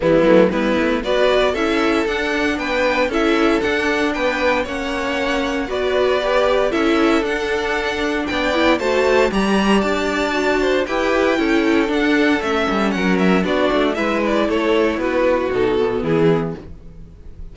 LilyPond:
<<
  \new Staff \with { instrumentName = "violin" } { \time 4/4 \tempo 4 = 116 e'4 b'4 d''4 e''4 | fis''4 g''4 e''4 fis''4 | g''4 fis''2 d''4~ | d''4 e''4 fis''2 |
g''4 a''4 ais''4 a''4~ | a''4 g''2 fis''4 | e''4 fis''8 e''8 d''4 e''8 d''8 | cis''4 b'4 a'4 gis'4 | }
  \new Staff \with { instrumentName = "violin" } { \time 4/4 b4 e'4 b'4 a'4~ | a'4 b'4 a'2 | b'4 cis''2 b'4~ | b'4 a'2. |
d''4 c''4 d''2~ | d''8 c''8 b'4 a'2~ | a'4 ais'4 fis'4 b'4 | a'4 fis'2 e'4 | }
  \new Staff \with { instrumentName = "viola" } { \time 4/4 g8 a8 b4 fis'4 e'4 | d'2 e'4 d'4~ | d'4 cis'2 fis'4 | g'4 e'4 d'2~ |
d'8 e'8 fis'4 g'2 | fis'4 g'4 e'4 d'4 | cis'2 d'4 e'4~ | e'2 dis'8 b4. | }
  \new Staff \with { instrumentName = "cello" } { \time 4/4 e8 fis8 g8 a8 b4 cis'4 | d'4 b4 cis'4 d'4 | b4 ais2 b4~ | b4 cis'4 d'2 |
b4 a4 g4 d'4~ | d'4 e'4 cis'4 d'4 | a8 g8 fis4 b8 a8 gis4 | a4 b4 b,4 e4 | }
>>